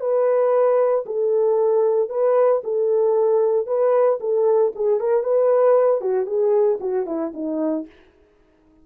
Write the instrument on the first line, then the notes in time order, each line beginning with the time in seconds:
horn
0.00 B4
1.06 A4
2.10 B4
2.64 A4
3.67 B4
4.20 A4
4.75 G#4
5.00 A#4
5.24 B4
6.01 F#4
6.26 G#4
6.80 F#4
7.06 E4
7.34 D#4